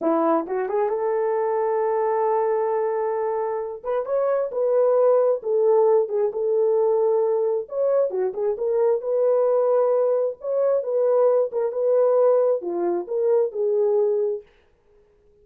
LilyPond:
\new Staff \with { instrumentName = "horn" } { \time 4/4 \tempo 4 = 133 e'4 fis'8 gis'8 a'2~ | a'1~ | a'8 b'8 cis''4 b'2 | a'4. gis'8 a'2~ |
a'4 cis''4 fis'8 gis'8 ais'4 | b'2. cis''4 | b'4. ais'8 b'2 | f'4 ais'4 gis'2 | }